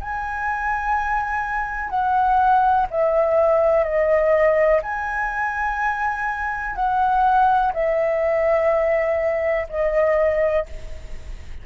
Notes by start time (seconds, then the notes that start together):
0.00 G#5
1.89 F#5
2.90 E5
3.84 D#5
4.82 G#5
6.75 F#5
7.73 E5
9.69 D#5